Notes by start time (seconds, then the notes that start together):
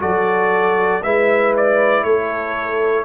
0.00 F#3 F#4 A4 D5
1.03 G#3 E4 B4 E5
1.57 D5
2.04 A3 A4 C#5